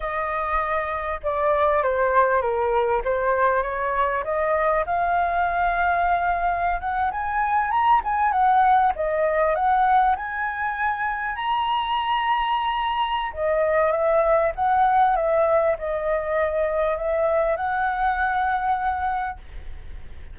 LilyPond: \new Staff \with { instrumentName = "flute" } { \time 4/4 \tempo 4 = 99 dis''2 d''4 c''4 | ais'4 c''4 cis''4 dis''4 | f''2.~ f''16 fis''8 gis''16~ | gis''8. ais''8 gis''8 fis''4 dis''4 fis''16~ |
fis''8. gis''2 ais''4~ ais''16~ | ais''2 dis''4 e''4 | fis''4 e''4 dis''2 | e''4 fis''2. | }